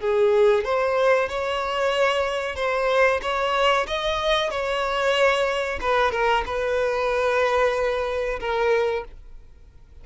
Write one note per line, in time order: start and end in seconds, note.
0.00 0.64 G#4
0.64 1.29 C5
1.29 2.56 C#5
2.56 3.20 C5
3.22 3.87 C#5
3.87 4.50 D#5
4.50 5.79 C#5
5.81 6.12 B4
6.12 6.44 A#4
6.46 8.40 B4
8.40 9.05 A#4